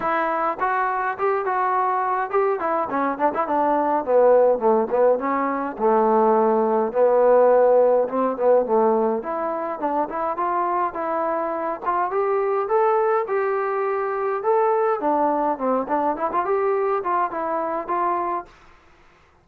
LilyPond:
\new Staff \with { instrumentName = "trombone" } { \time 4/4 \tempo 4 = 104 e'4 fis'4 g'8 fis'4. | g'8 e'8 cis'8 d'16 e'16 d'4 b4 | a8 b8 cis'4 a2 | b2 c'8 b8 a4 |
e'4 d'8 e'8 f'4 e'4~ | e'8 f'8 g'4 a'4 g'4~ | g'4 a'4 d'4 c'8 d'8 | e'16 f'16 g'4 f'8 e'4 f'4 | }